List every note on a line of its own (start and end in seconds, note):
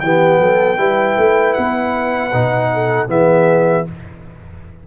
0.00 0.39 E3
0.00 0.78 B3
0.00 0.41 G4
0.00 1.53 G5
0.39 0.78 F#3
0.39 0.78 A4
0.78 1.16 G3
0.78 2.31 E4
0.78 2.70 B4
1.17 1.56 A3
1.53 2.33 B3
1.53 3.07 F#5
2.33 3.08 B2
2.33 3.08 D#4
2.73 3.09 A4
3.08 3.85 E3
3.08 3.85 B3
3.08 3.86 G#4
3.08 3.87 E5